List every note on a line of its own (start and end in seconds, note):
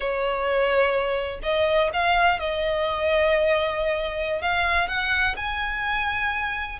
0.00 1.40 C#5
1.42 1.90 D#5
1.93 2.39 F5
2.39 4.41 D#5
4.41 4.88 F5
4.88 5.35 F#5
5.36 6.79 G#5